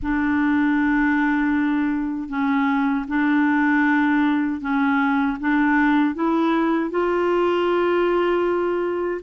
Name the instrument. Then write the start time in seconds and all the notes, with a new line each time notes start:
clarinet
0.02 D4
2.28 C#4
3.08 D4
4.60 C#4
5.40 D4
6.14 E4
6.90 F4